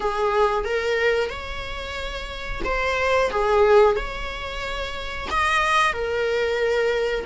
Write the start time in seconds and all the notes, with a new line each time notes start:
0.00 G#4
0.64 A#4
1.29 C#5
2.64 C5
3.30 G#4
3.96 C#5
5.30 D#5
5.93 A#4